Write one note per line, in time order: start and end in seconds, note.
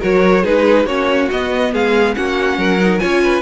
0.00 0.45 F#3
0.00 0.44 F#4
0.00 0.43 A#4
0.00 0.45 C#5
0.43 0.85 G#3
0.43 0.87 D#4
0.43 0.85 G#4
0.43 0.86 B4
0.85 1.28 A#3
0.85 1.30 C#4
0.85 1.71 F#4
0.85 1.29 C#5
1.31 2.15 B3
1.31 1.74 B3
1.31 1.74 D#5
1.73 2.16 G#3
1.73 2.16 G#4
1.73 2.14 F5
2.14 2.58 A#3
2.14 2.80 C#4
2.14 2.59 F#4
2.14 2.99 F#5
2.58 3.00 F#3
2.58 3.01 A#4
2.80 3.00 D#4
2.99 3.42 C#4
2.99 3.42 F4
2.99 3.22 C#5
2.99 3.42 G#5
3.23 3.42 B4